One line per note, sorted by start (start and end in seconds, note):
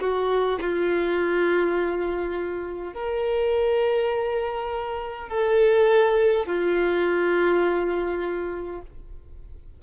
0.00 0.59 F#4
0.60 2.93 F4
2.93 5.28 A#4
5.28 6.46 A4
6.46 8.81 F4